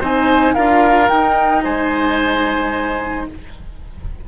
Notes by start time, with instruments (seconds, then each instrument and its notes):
0.00 bassoon C4, cello D#4, oboe C5, flute G#5
0.54 bassoon D4, cello F4, oboe A#4, flute F5
1.09 cello D#4, bassoon D#4, flute G5
1.64 bassoon G#3, oboe C5, flute G#5